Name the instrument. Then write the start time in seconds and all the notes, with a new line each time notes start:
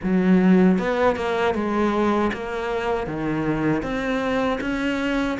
cello
0.03 F#3
0.78 B3
1.16 A#3
1.54 G#3
2.33 A#3
3.07 D#3
3.82 C4
4.60 C#4